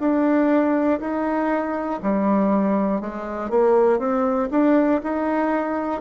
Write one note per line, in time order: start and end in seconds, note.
0.00 1.00 D4
1.00 2.00 D#4
2.03 3.01 G3
3.01 3.50 G#3
3.50 3.99 A#3
3.99 4.49 C4
4.50 5.00 D4
5.03 6.01 D#4